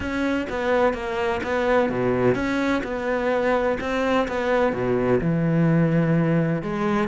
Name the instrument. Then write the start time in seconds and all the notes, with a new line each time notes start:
cello
0.00 C#4
0.49 B3
0.93 A#3
1.43 B3
1.89 B2
2.34 C#4
2.83 B3
3.80 C4
4.28 B3
4.72 B2
5.20 E3
6.62 G#3